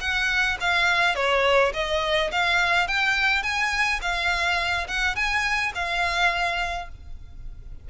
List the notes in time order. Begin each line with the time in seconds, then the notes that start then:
0.00 F#5
0.60 F5
1.15 C#5
1.73 D#5
2.31 F5
2.87 G5
3.43 G#5
4.01 F5
4.87 F#5
5.15 G#5
5.75 F5